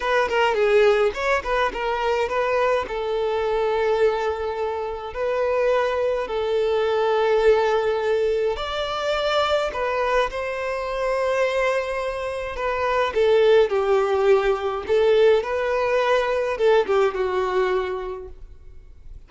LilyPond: \new Staff \with { instrumentName = "violin" } { \time 4/4 \tempo 4 = 105 b'8 ais'8 gis'4 cis''8 b'8 ais'4 | b'4 a'2.~ | a'4 b'2 a'4~ | a'2. d''4~ |
d''4 b'4 c''2~ | c''2 b'4 a'4 | g'2 a'4 b'4~ | b'4 a'8 g'8 fis'2 | }